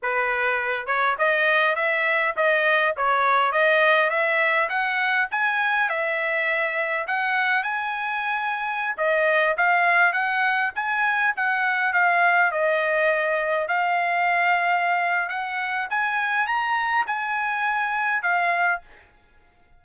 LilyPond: \new Staff \with { instrumentName = "trumpet" } { \time 4/4 \tempo 4 = 102 b'4. cis''8 dis''4 e''4 | dis''4 cis''4 dis''4 e''4 | fis''4 gis''4 e''2 | fis''4 gis''2~ gis''16 dis''8.~ |
dis''16 f''4 fis''4 gis''4 fis''8.~ | fis''16 f''4 dis''2 f''8.~ | f''2 fis''4 gis''4 | ais''4 gis''2 f''4 | }